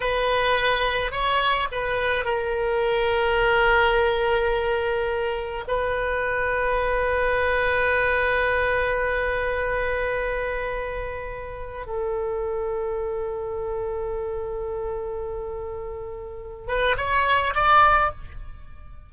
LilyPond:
\new Staff \with { instrumentName = "oboe" } { \time 4/4 \tempo 4 = 106 b'2 cis''4 b'4 | ais'1~ | ais'2 b'2~ | b'1~ |
b'1~ | b'4 a'2.~ | a'1~ | a'4. b'8 cis''4 d''4 | }